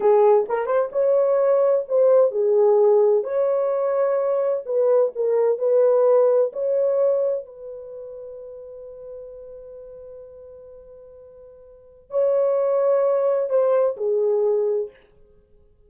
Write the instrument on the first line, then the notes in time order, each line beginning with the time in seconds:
horn
0.00 G#4
0.48 A#4
0.66 C5
0.92 C#5
1.88 C5
2.31 G#4
3.23 C#5
4.65 B4
5.15 A#4
5.58 B4
6.52 C#5
7.45 B4
12.10 C#5
13.49 C5
13.96 G#4